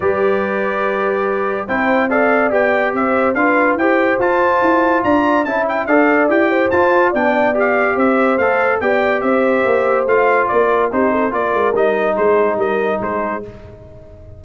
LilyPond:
<<
  \new Staff \with { instrumentName = "trumpet" } { \time 4/4 \tempo 4 = 143 d''1 | g''4 f''4 g''4 e''4 | f''4 g''4 a''2 | ais''4 a''8 g''8 f''4 g''4 |
a''4 g''4 f''4 e''4 | f''4 g''4 e''2 | f''4 d''4 c''4 d''4 | dis''4 c''4 dis''4 c''4 | }
  \new Staff \with { instrumentName = "horn" } { \time 4/4 b'1 | c''4 d''2 c''4 | b'4 c''2. | d''4 e''4 d''4. c''8~ |
c''4 d''2 c''4~ | c''4 d''4 c''2~ | c''4 ais'4 g'8 a'8 ais'4~ | ais'4 gis'4 ais'4 gis'4 | }
  \new Staff \with { instrumentName = "trombone" } { \time 4/4 g'1 | e'4 a'4 g'2 | f'4 g'4 f'2~ | f'4 e'4 a'4 g'4 |
f'4 d'4 g'2 | a'4 g'2. | f'2 dis'4 f'4 | dis'1 | }
  \new Staff \with { instrumentName = "tuba" } { \time 4/4 g1 | c'2 b4 c'4 | d'4 e'4 f'4 e'4 | d'4 cis'4 d'4 e'4 |
f'4 b2 c'4 | a4 b4 c'4 ais4 | a4 ais4 c'4 ais8 gis8 | g4 gis4 g4 gis4 | }
>>